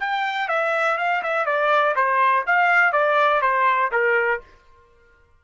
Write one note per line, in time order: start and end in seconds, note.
0.00 0.49 G5
0.49 0.98 E5
0.98 1.23 F5
1.23 1.46 E5
1.46 1.95 D5
1.96 2.45 C5
2.47 2.93 F5
2.93 3.42 D5
3.42 3.91 C5
3.92 4.41 A#4